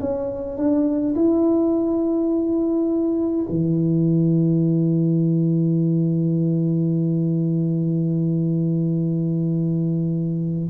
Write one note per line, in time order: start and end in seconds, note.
0.00 0.57 C#4
0.57 1.15 D4
1.15 3.46 E4
3.49 10.69 E3